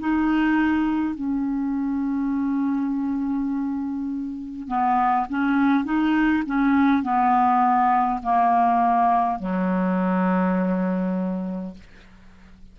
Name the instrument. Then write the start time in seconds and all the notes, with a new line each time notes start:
clarinet
0.00 D#4
1.15 C#4
4.68 B3
5.29 C#4
5.84 D#4
6.46 C#4
7.03 B3
8.23 A#3
9.40 F#3